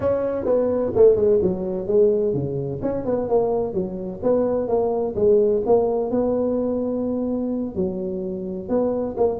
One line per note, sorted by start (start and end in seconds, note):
0.00 0.45 C#4
0.45 0.92 B3
0.95 1.16 A3
1.16 1.39 G#3
1.42 1.87 F#3
1.87 2.33 G#3
2.33 2.80 C#3
2.82 3.05 C#4
3.05 3.28 B3
3.29 3.73 A#3
3.73 4.20 F#3
4.23 4.67 B3
4.67 5.14 A#3
5.15 5.62 G#3
5.66 6.11 A#3
6.11 7.75 B3
7.75 8.68 F#3
8.68 9.15 B3
9.17 9.39 A#3